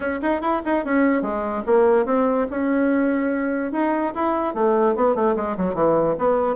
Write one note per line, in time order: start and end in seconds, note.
0.00 0.20 C#4
0.21 0.41 D#4
0.41 0.61 E4
0.65 0.84 D#4
0.84 1.22 C#4
1.22 1.63 G#3
1.66 2.05 A#3
2.05 2.46 C4
2.50 3.72 C#4
3.72 4.13 D#4
4.14 4.54 E4
4.54 4.95 A3
4.95 5.15 B3
5.15 5.35 A3
5.35 5.56 G#3
5.57 5.74 F#3
5.74 6.15 E3
6.18 6.55 B3